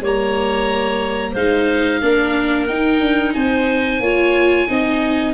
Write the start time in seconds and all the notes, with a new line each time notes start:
0.00 G3 A#3 C#5
0.06 A#5
1.32 G#3 D#4 C5 F5
2.01 A#3 D4 A#4
2.66 D#4 G5
3.00 D4
3.33 C4 C5 G#5
4.00 A#3 F4 C#5
4.67 C4 D#4 D#5